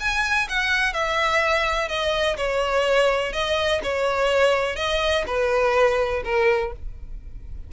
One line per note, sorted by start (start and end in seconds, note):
0.00 0.48 G#5
0.49 0.93 F#5
0.93 1.89 E5
1.89 2.37 D#5
2.37 3.33 C#5
3.33 3.81 D#5
3.83 4.76 C#5
4.76 5.24 D#5
5.27 6.23 B4
6.25 6.73 A#4